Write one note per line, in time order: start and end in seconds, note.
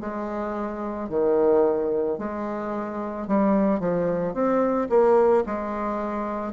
0.00 1.09 G#3
1.09 2.18 D#3
2.18 3.27 G#3
3.27 3.80 G3
3.80 4.34 F3
4.34 4.88 C4
4.89 5.44 A#3
5.46 6.53 G#3